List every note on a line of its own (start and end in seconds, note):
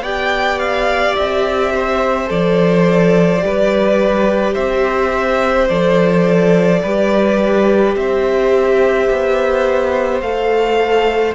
0.00 1.13 B3
0.00 2.25 G4
0.00 1.72 D5
0.00 0.59 G5
0.59 1.15 F5
1.16 2.30 C4
1.16 2.29 E5
1.74 3.44 C5
2.25 3.42 F3
2.25 3.39 A4
2.25 4.54 D5
3.41 4.56 G3
3.41 5.67 G4
3.41 4.54 B4
4.54 5.69 C4
4.54 6.80 C5
4.54 5.68 E5
5.68 6.83 F3
5.68 6.83 A4
5.68 7.95 D5
6.83 7.96 G3
6.83 10.23 G4
6.83 7.96 B4
7.96 9.09 C4
7.96 11.35 C5
7.96 10.21 E5
9.10 10.21 B3
10.21 11.34 A3
10.21 11.35 A4
10.21 11.34 F5